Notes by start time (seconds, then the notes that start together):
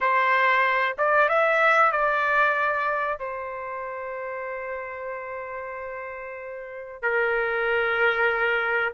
0.00 C5
0.97 D5
1.29 E5
1.91 D5
3.19 C5
7.02 A#4